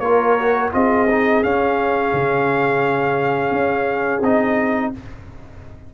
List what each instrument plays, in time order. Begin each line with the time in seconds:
0.00 tuba A#3, trombone F4, horn A#4, trumpet C#5
0.40 trombone F#4
0.73 tuba C4, trombone F4, horn G#4, trumpet D#5
1.11 trombone D#4
1.44 tuba C#4, trombone C#4, trumpet F5
2.14 tuba C#3
3.51 tuba C#4
4.22 tuba C4, trombone D#4, trumpet D#5